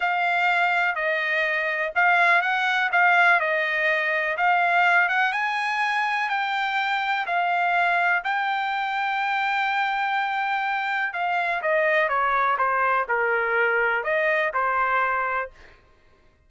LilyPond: \new Staff \with { instrumentName = "trumpet" } { \time 4/4 \tempo 4 = 124 f''2 dis''2 | f''4 fis''4 f''4 dis''4~ | dis''4 f''4. fis''8 gis''4~ | gis''4 g''2 f''4~ |
f''4 g''2.~ | g''2. f''4 | dis''4 cis''4 c''4 ais'4~ | ais'4 dis''4 c''2 | }